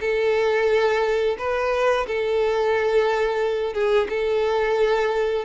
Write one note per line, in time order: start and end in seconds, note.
0.00 1.36 A4
1.38 2.06 B4
2.07 3.73 A4
3.73 4.07 G#4
4.09 5.45 A4